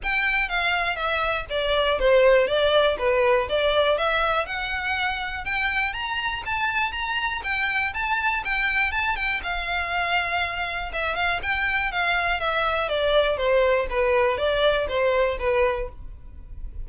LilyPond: \new Staff \with { instrumentName = "violin" } { \time 4/4 \tempo 4 = 121 g''4 f''4 e''4 d''4 | c''4 d''4 b'4 d''4 | e''4 fis''2 g''4 | ais''4 a''4 ais''4 g''4 |
a''4 g''4 a''8 g''8 f''4~ | f''2 e''8 f''8 g''4 | f''4 e''4 d''4 c''4 | b'4 d''4 c''4 b'4 | }